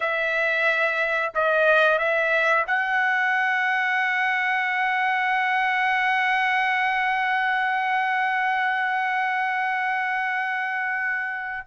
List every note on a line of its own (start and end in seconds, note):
0.00 1.32 E5
1.34 1.98 D#5
1.98 2.65 E5
2.66 11.66 F#5